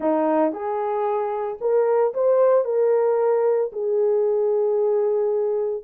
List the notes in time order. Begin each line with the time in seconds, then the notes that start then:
0.00 D#4
0.52 G#4
1.60 A#4
2.14 C5
2.65 A#4
3.72 G#4